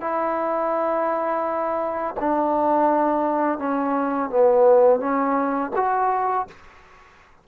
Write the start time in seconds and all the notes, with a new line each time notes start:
0.00 E4
2.20 D4
3.58 C#4
4.30 B3
4.99 C#4
5.76 F#4